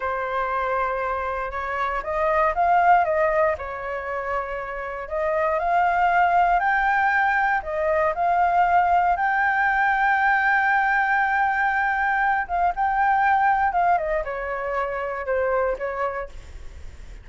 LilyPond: \new Staff \with { instrumentName = "flute" } { \time 4/4 \tempo 4 = 118 c''2. cis''4 | dis''4 f''4 dis''4 cis''4~ | cis''2 dis''4 f''4~ | f''4 g''2 dis''4 |
f''2 g''2~ | g''1~ | g''8 f''8 g''2 f''8 dis''8 | cis''2 c''4 cis''4 | }